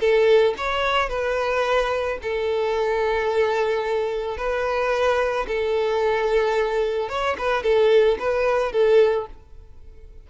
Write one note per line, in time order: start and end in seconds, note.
0.00 0.55 A4
0.58 1.10 C#5
1.10 2.19 B4
2.23 4.38 A4
4.38 5.47 B4
5.48 7.09 A4
7.09 7.37 C#5
7.38 7.64 B4
7.64 8.18 A4
8.19 8.72 B4
8.72 9.27 A4